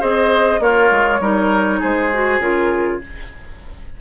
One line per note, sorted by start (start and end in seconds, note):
0.00 0.60 C4
0.00 0.60 G#4
0.00 0.60 C5
0.00 0.62 D#5
0.60 0.90 A#3
0.60 1.21 F4
0.60 1.20 A#4
0.60 1.82 C#5
0.91 1.20 G#3
1.20 1.80 G3
1.20 2.12 D#4
1.20 1.80 A#4
1.80 2.39 G#3
1.80 3.00 G#4
1.80 2.41 C5
2.13 2.41 F#4
2.39 2.99 C#3
2.39 3.01 F4
2.39 3.01 A#4